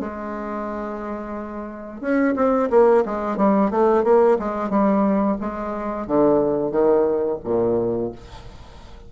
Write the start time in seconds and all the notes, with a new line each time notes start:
0.00 G#3
2.01 C#4
2.36 C4
2.70 A#3
3.05 G#3
3.37 G3
3.71 A3
4.04 A#3
4.39 G#3
4.70 G3
5.41 G#3
6.07 D3
6.71 D#3
7.44 A#2